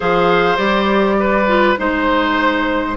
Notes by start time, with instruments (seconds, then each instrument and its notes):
0.00 bassoon F3, clarinet G#4, oboe C5, flute F5
0.57 bassoon G3, clarinet G4, flute D5
1.19 oboe B4
1.47 clarinet F4
1.77 bassoon G#3, clarinet D#4, flute C5, oboe C5